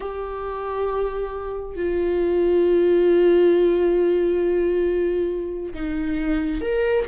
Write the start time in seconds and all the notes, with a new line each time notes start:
0.00 G4
1.76 F4
5.74 D#4
6.61 A#4